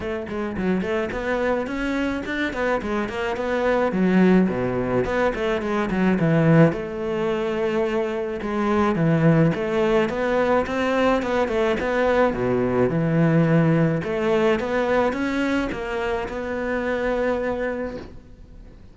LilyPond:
\new Staff \with { instrumentName = "cello" } { \time 4/4 \tempo 4 = 107 a8 gis8 fis8 a8 b4 cis'4 | d'8 b8 gis8 ais8 b4 fis4 | b,4 b8 a8 gis8 fis8 e4 | a2. gis4 |
e4 a4 b4 c'4 | b8 a8 b4 b,4 e4~ | e4 a4 b4 cis'4 | ais4 b2. | }